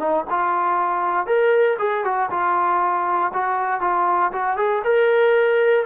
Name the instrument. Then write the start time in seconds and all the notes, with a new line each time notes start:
trombone
0.00 D#4
0.31 F4
1.27 A#4
1.79 G#4
2.05 F#4
2.31 F4
3.34 F#4
3.81 F4
4.33 F#4
4.57 G#4
4.84 A#4